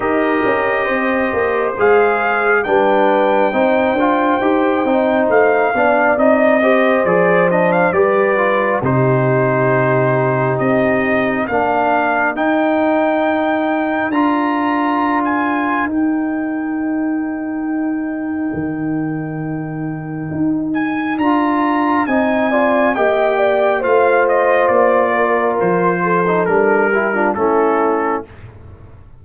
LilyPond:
<<
  \new Staff \with { instrumentName = "trumpet" } { \time 4/4 \tempo 4 = 68 dis''2 f''4 g''4~ | g''2 f''4 dis''4 | d''8 dis''16 f''16 d''4 c''2 | dis''4 f''4 g''2 |
ais''4~ ais''16 gis''8. g''2~ | g''2.~ g''8 gis''8 | ais''4 gis''4 g''4 f''8 dis''8 | d''4 c''4 ais'4 a'4 | }
  \new Staff \with { instrumentName = "horn" } { \time 4/4 ais'4 c''2 b'4 | c''2~ c''8 d''4 c''8~ | c''4 b'4 g'2~ | g'4 ais'2.~ |
ais'1~ | ais'1~ | ais'4 dis''8 d''8 dis''8 d''8 c''4~ | c''8 ais'4 a'4 g'16 f'16 e'4 | }
  \new Staff \with { instrumentName = "trombone" } { \time 4/4 g'2 gis'4 d'4 | dis'8 f'8 g'8 dis'4 d'8 dis'8 g'8 | gis'8 d'8 g'8 f'8 dis'2~ | dis'4 d'4 dis'2 |
f'2 dis'2~ | dis'1 | f'4 dis'8 f'8 g'4 f'4~ | f'4.~ f'16 dis'16 d'8 e'16 d'16 cis'4 | }
  \new Staff \with { instrumentName = "tuba" } { \time 4/4 dis'8 cis'8 c'8 ais8 gis4 g4 | c'8 d'8 dis'8 c'8 a8 b8 c'4 | f4 g4 c2 | c'4 ais4 dis'2 |
d'2 dis'2~ | dis'4 dis2 dis'4 | d'4 c'4 ais4 a4 | ais4 f4 g4 a4 | }
>>